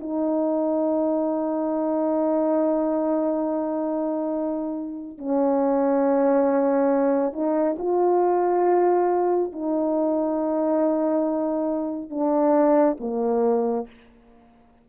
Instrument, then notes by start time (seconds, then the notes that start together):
horn
0.00 D#4
5.18 C#4
7.33 D#4
7.79 F4
9.53 D#4
12.10 D4
13.00 A#3